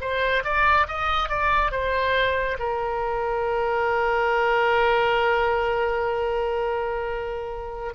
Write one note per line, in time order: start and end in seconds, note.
0.00 0.43 C5
0.44 0.86 D5
0.87 1.29 D#5
1.29 1.71 D5
1.71 2.57 C5
2.59 7.94 A#4